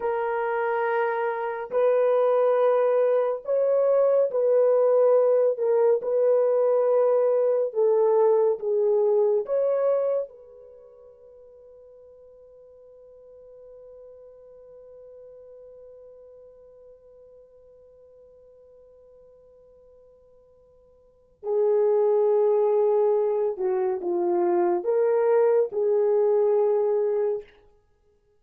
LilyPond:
\new Staff \with { instrumentName = "horn" } { \time 4/4 \tempo 4 = 70 ais'2 b'2 | cis''4 b'4. ais'8 b'4~ | b'4 a'4 gis'4 cis''4 | b'1~ |
b'1~ | b'1~ | b'4 gis'2~ gis'8 fis'8 | f'4 ais'4 gis'2 | }